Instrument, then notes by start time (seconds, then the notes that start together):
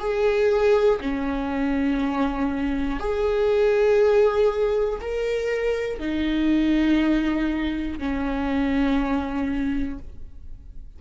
viola
0.00 G#4
1.00 C#4
3.00 G#4
5.00 A#4
6.00 D#4
7.99 C#4